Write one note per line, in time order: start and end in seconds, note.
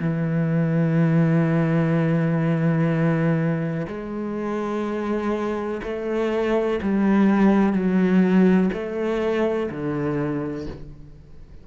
0.00 3.87 E3
3.88 5.82 G#3
5.84 6.80 A3
6.83 7.74 G3
7.74 8.71 F#3
8.74 9.70 A3
9.71 10.68 D3